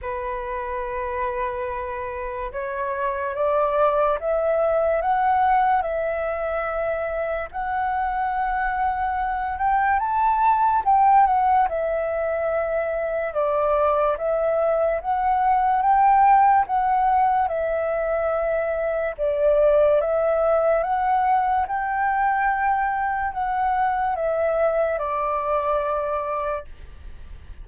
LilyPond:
\new Staff \with { instrumentName = "flute" } { \time 4/4 \tempo 4 = 72 b'2. cis''4 | d''4 e''4 fis''4 e''4~ | e''4 fis''2~ fis''8 g''8 | a''4 g''8 fis''8 e''2 |
d''4 e''4 fis''4 g''4 | fis''4 e''2 d''4 | e''4 fis''4 g''2 | fis''4 e''4 d''2 | }